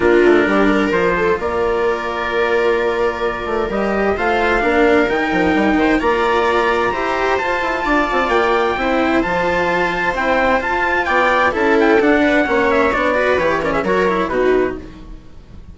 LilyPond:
<<
  \new Staff \with { instrumentName = "trumpet" } { \time 4/4 \tempo 4 = 130 ais'2 c''4 d''4~ | d''1 | dis''4 f''2 g''4~ | g''4 ais''2. |
a''2 g''2 | a''2 g''4 a''4 | g''4 a''8 g''8 fis''4. e''8 | d''4 cis''8 d''16 e''16 cis''4 b'4 | }
  \new Staff \with { instrumentName = "viola" } { \time 4/4 f'4 g'8 ais'4 a'8 ais'4~ | ais'1~ | ais'4 c''4 ais'2~ | ais'8 c''8 d''2 c''4~ |
c''4 d''2 c''4~ | c''1 | d''4 a'4. b'8 cis''4~ | cis''8 b'4 ais'16 gis'16 ais'4 fis'4 | }
  \new Staff \with { instrumentName = "cello" } { \time 4/4 d'2 f'2~ | f'1 | g'4 f'4 d'4 dis'4~ | dis'4 f'2 g'4 |
f'2. e'4 | f'2 c'4 f'4~ | f'4 e'4 d'4 cis'4 | d'8 fis'8 g'8 cis'8 fis'8 e'8 dis'4 | }
  \new Staff \with { instrumentName = "bassoon" } { \time 4/4 ais8 a8 g4 f4 ais4~ | ais2.~ ais8 a8 | g4 a4 ais4 dis8 f8 | g8 dis8 ais2 e'4 |
f'8 e'8 d'8 c'8 ais4 c'4 | f2 e'4 f'4 | b4 cis'4 d'4 ais4 | b4 e4 fis4 b,4 | }
>>